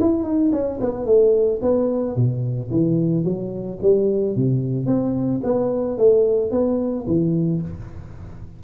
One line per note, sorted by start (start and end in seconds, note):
0.00 0.24 E4
0.24 0.51 D#4
0.52 0.79 C#4
0.81 1.06 B3
1.06 1.60 A3
1.62 2.16 B3
2.16 2.70 B2
2.71 3.24 E3
3.24 3.79 F#3
3.82 4.36 G3
4.36 4.86 C3
4.86 5.41 C4
5.43 5.98 B3
5.98 6.51 A3
6.51 7.06 B3
7.07 7.61 E3